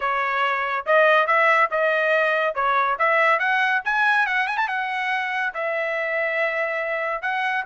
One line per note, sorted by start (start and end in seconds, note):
0.00 0.85 C#5
0.85 1.27 D#5
1.27 1.69 E5
1.70 2.54 D#5
2.54 2.97 C#5
2.98 3.39 E5
3.39 3.81 F#5
3.85 4.26 G#5
4.26 4.47 F#5
4.47 4.57 G#5
4.57 4.68 A5
4.68 5.53 F#5
5.54 7.21 E5
7.21 7.64 F#5